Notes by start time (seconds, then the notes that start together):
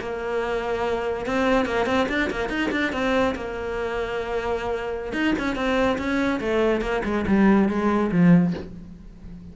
0.00 A#3
1.26 C4
1.66 A#3
1.86 C4
2.09 D4
2.31 A#3
2.49 D#4
2.71 D4
2.93 C4
3.35 A#3
5.13 D#4
5.39 C#4
5.55 C4
5.98 C#4
6.40 A3
6.81 A#3
7.04 G#3
7.27 G3
7.69 G#3
8.11 F3